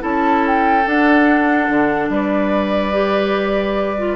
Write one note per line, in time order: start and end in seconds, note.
0.00 0.87 C#4
0.00 0.83 E4
0.00 2.11 A4
0.00 0.46 A5
0.47 0.88 G5
0.86 2.93 D4
0.86 1.70 D4
0.86 2.11 F#5
1.70 2.10 D3
2.10 4.17 G3
2.10 4.17 B4
2.10 4.17 D5
2.93 3.97 G4
3.99 4.17 F4